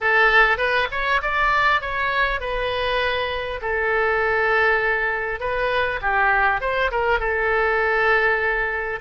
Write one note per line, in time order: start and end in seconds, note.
0.00 0.57 A4
0.57 0.87 B4
0.91 1.21 C#5
1.22 1.81 D5
1.81 2.40 C#5
2.40 3.60 B4
3.61 5.40 A4
5.40 6.00 B4
6.01 6.60 G4
6.60 6.90 C5
6.91 7.19 A#4
7.19 8.99 A4